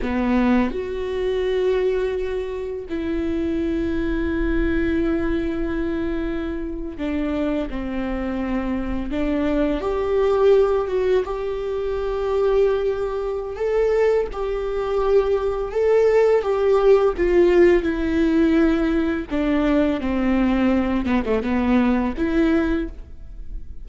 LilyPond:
\new Staff \with { instrumentName = "viola" } { \time 4/4 \tempo 4 = 84 b4 fis'2. | e'1~ | e'4.~ e'16 d'4 c'4~ c'16~ | c'8. d'4 g'4. fis'8 g'16~ |
g'2. a'4 | g'2 a'4 g'4 | f'4 e'2 d'4 | c'4. b16 a16 b4 e'4 | }